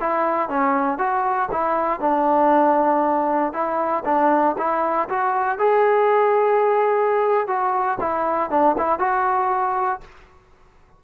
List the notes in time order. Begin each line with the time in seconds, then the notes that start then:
0.00 E4
0.49 C#4
0.98 F#4
1.51 E4
2.00 D4
3.53 E4
4.05 D4
4.58 E4
5.09 F#4
5.58 G#4
7.47 F#4
8.00 E4
8.50 D4
8.78 E4
8.99 F#4